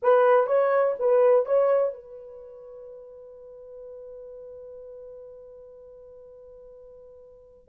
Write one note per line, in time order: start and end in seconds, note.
0.02 0.46 B4
0.46 0.94 C#5
0.99 1.45 B4
1.45 1.93 C#5
1.93 7.68 B4